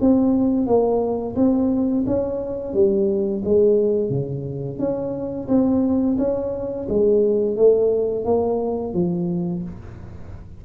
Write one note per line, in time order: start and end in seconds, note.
0.00 0.66 C4
0.66 1.35 A#3
1.35 2.04 C4
2.06 2.73 C#4
2.73 3.42 G3
3.44 4.09 G#3
4.09 4.78 C#3
4.78 5.47 C#4
5.48 6.17 C4
6.18 6.87 C#4
6.88 7.56 G#3
7.56 8.24 A3
8.24 8.93 A#3
8.93 9.62 F3